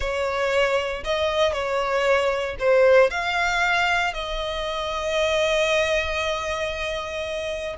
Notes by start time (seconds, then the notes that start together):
0.00 C#5
1.03 D#5
1.53 C#5
2.59 C5
3.10 F5
4.13 D#5